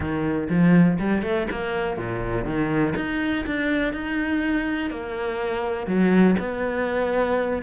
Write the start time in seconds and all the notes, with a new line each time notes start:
0.00 D#3
0.49 F3
0.99 G3
1.22 A3
1.50 A#3
1.97 A#2
2.45 D#3
2.96 D#4
3.46 D4
3.93 D#4
4.90 A#3
5.87 F#3
6.39 B3